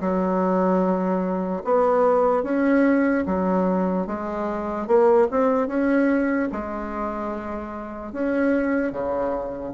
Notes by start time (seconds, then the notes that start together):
0.00 F#3
1.64 B3
2.43 C#4
3.25 F#3
4.07 G#3
4.87 A#3
5.30 C4
5.67 C#4
6.52 G#3
8.12 C#4
8.92 C#3